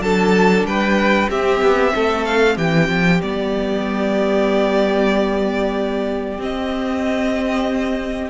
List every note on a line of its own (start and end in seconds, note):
0.00 0.64 F#3
0.00 1.31 D4
0.00 0.67 A4
0.00 0.66 A5
0.64 1.28 G3
0.64 1.30 B4
0.64 1.30 G5
1.30 1.61 C4
1.30 3.23 C4
1.30 1.94 G4
1.30 2.25 E5
1.61 1.93 B3
1.95 2.58 A3
1.95 2.56 A4
2.25 2.57 F5
2.56 2.89 E3
2.56 8.30 G4
2.56 3.22 G5
2.89 3.21 F3
3.22 6.39 G3
3.22 6.39 B3
3.22 6.41 D5
6.39 8.30 C4
6.39 8.30 D#5